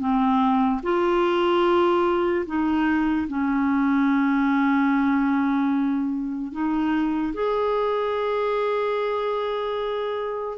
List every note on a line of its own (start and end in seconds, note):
0.00 0.81 C4
0.83 2.45 F4
2.47 3.28 D#4
3.28 6.52 C#4
6.52 7.33 D#4
7.34 10.58 G#4